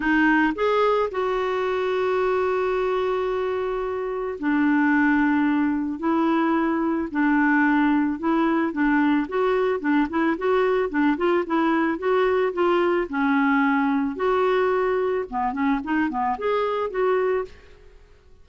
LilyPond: \new Staff \with { instrumentName = "clarinet" } { \time 4/4 \tempo 4 = 110 dis'4 gis'4 fis'2~ | fis'1 | d'2. e'4~ | e'4 d'2 e'4 |
d'4 fis'4 d'8 e'8 fis'4 | d'8 f'8 e'4 fis'4 f'4 | cis'2 fis'2 | b8 cis'8 dis'8 b8 gis'4 fis'4 | }